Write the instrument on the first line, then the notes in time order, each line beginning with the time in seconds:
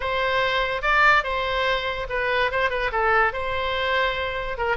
oboe
0.00 C5
0.82 D5
1.23 C5
2.09 B4
2.51 C5
2.70 B4
2.92 A4
3.32 C5
4.57 A#4